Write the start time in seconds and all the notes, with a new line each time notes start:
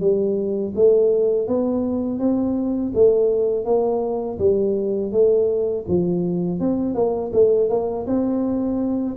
0.00 G3
0.75 A3
1.47 B3
2.19 C4
2.94 A3
3.65 A#3
4.38 G3
5.12 A3
5.87 F3
6.59 C4
6.94 A#3
7.32 A3
7.69 A#3
8.06 C4